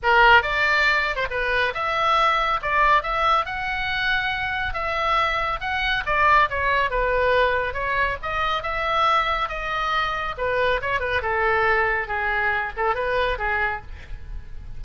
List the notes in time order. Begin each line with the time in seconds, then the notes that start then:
0.02 A#4
0.42 D5
1.16 C5
1.30 B4
1.73 E5
2.61 D5
3.03 E5
3.45 F#5
4.73 E5
5.60 F#5
6.06 D5
6.49 C#5
6.90 B4
7.73 C#5
8.22 D#5
8.62 E5
9.48 D#5
10.37 B4
10.81 C#5
11.00 B4
11.22 A4
12.07 G#4
12.76 A4
12.95 B4
13.38 G#4